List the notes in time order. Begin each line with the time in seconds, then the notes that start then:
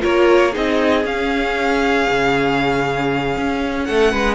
0.00 A#3 F4 A#4 C#5
0.52 C4 D#4 G#4 D#5
1.05 C#4 F5
2.10 C#3
3.37 C#4
3.84 A3 A4 F#5
4.12 G#3 B4